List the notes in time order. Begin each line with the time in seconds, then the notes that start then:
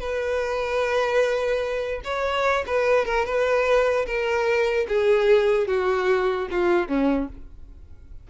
0.00 B4
2.05 C#5
2.67 B4
3.06 A#4
3.26 B4
4.07 A#4
4.88 G#4
5.68 F#4
6.51 F4
6.88 C#4